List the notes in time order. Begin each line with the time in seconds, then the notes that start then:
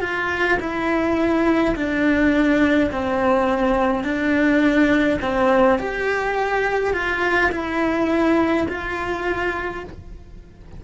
0.00 F4
0.59 E4
1.75 D4
2.91 C4
4.03 D4
5.21 C4
5.78 G4
6.93 F4
7.52 E4
8.68 F4